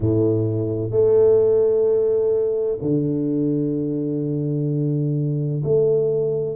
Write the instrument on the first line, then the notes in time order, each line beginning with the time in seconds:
tuba
0.00 A2
0.90 A3
2.81 D3
5.63 A3